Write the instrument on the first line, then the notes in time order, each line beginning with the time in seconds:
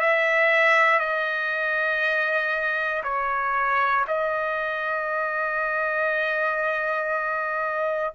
trumpet
0.00 E5
0.99 D#5
3.03 C#5
4.08 D#5